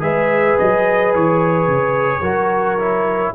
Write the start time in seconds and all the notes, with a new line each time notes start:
0.00 G#3 G#4 B4 E5
0.59 F#3 D#5
1.14 E3 C#5
1.67 C#3
2.21 F#3 F#4 A#4
2.79 E4